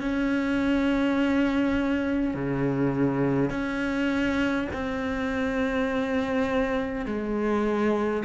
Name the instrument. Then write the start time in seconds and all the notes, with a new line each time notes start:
cello
0.00 C#4
2.34 C#3
3.50 C#4
4.73 C4
7.06 G#3